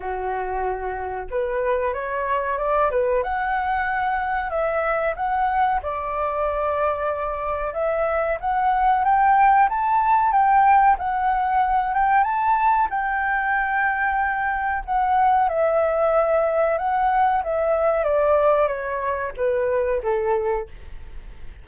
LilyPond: \new Staff \with { instrumentName = "flute" } { \time 4/4 \tempo 4 = 93 fis'2 b'4 cis''4 | d''8 b'8 fis''2 e''4 | fis''4 d''2. | e''4 fis''4 g''4 a''4 |
g''4 fis''4. g''8 a''4 | g''2. fis''4 | e''2 fis''4 e''4 | d''4 cis''4 b'4 a'4 | }